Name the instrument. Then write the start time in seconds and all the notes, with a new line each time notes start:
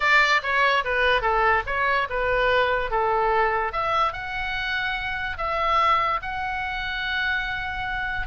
oboe
0.00 D5
0.42 C#5
0.84 B4
1.21 A4
1.66 C#5
2.09 B4
2.90 A4
3.72 E5
4.12 F#5
5.37 E5
6.22 F#5